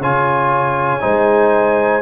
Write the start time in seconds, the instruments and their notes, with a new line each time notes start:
0.00 tuba C#3, trombone F4, horn C#5, trumpet G#5
1.00 tuba G#3, trombone D#4, horn C5